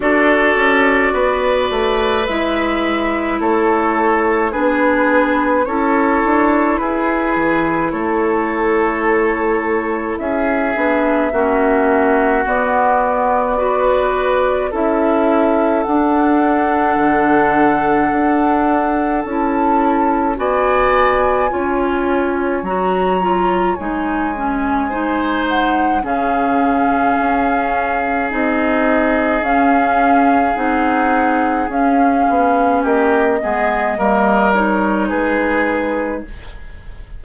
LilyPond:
<<
  \new Staff \with { instrumentName = "flute" } { \time 4/4 \tempo 4 = 53 d''2 e''4 cis''4 | b'4 cis''4 b'4 cis''4~ | cis''4 e''2 d''4~ | d''4 e''4 fis''2~ |
fis''4 a''4 gis''2 | ais''4 gis''4. fis''8 f''4~ | f''4 dis''4 f''4 fis''4 | f''4 dis''4. cis''8 b'4 | }
  \new Staff \with { instrumentName = "oboe" } { \time 4/4 a'4 b'2 a'4 | gis'4 a'4 gis'4 a'4~ | a'4 gis'4 fis'2 | b'4 a'2.~ |
a'2 d''4 cis''4~ | cis''2 c''4 gis'4~ | gis'1~ | gis'4 g'8 gis'8 ais'4 gis'4 | }
  \new Staff \with { instrumentName = "clarinet" } { \time 4/4 fis'2 e'2 | d'4 e'2.~ | e'4. d'8 cis'4 b4 | fis'4 e'4 d'2~ |
d'4 e'4 fis'4 f'4 | fis'8 f'8 dis'8 cis'8 dis'4 cis'4~ | cis'4 dis'4 cis'4 dis'4 | cis'4. b8 ais8 dis'4. | }
  \new Staff \with { instrumentName = "bassoon" } { \time 4/4 d'8 cis'8 b8 a8 gis4 a4 | b4 cis'8 d'8 e'8 e8 a4~ | a4 cis'8 b8 ais4 b4~ | b4 cis'4 d'4 d4 |
d'4 cis'4 b4 cis'4 | fis4 gis2 cis4 | cis'4 c'4 cis'4 c'4 | cis'8 b8 ais8 gis8 g4 gis4 | }
>>